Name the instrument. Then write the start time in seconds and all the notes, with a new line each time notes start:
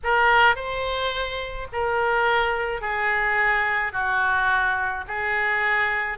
oboe
0.03 A#4
0.55 C5
1.72 A#4
2.81 G#4
3.92 F#4
5.07 G#4